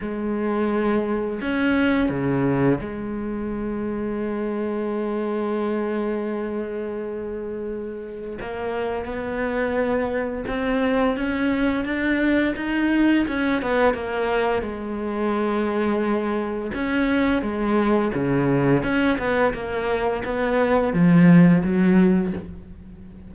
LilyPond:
\new Staff \with { instrumentName = "cello" } { \time 4/4 \tempo 4 = 86 gis2 cis'4 cis4 | gis1~ | gis1 | ais4 b2 c'4 |
cis'4 d'4 dis'4 cis'8 b8 | ais4 gis2. | cis'4 gis4 cis4 cis'8 b8 | ais4 b4 f4 fis4 | }